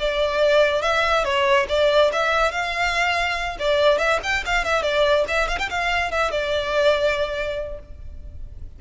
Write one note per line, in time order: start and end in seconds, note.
0.00 0.83 D5
0.83 1.25 E5
1.25 1.67 C#5
1.69 2.12 D5
2.13 2.52 E5
2.52 3.58 F5
3.60 3.99 D5
3.99 4.20 E5
4.23 4.45 G5
4.46 4.65 F5
4.65 4.83 E5
4.83 5.25 D5
5.28 5.48 E5
5.48 5.59 F5
5.59 5.70 G5
5.70 6.12 F5
6.12 6.32 E5
6.32 7.80 D5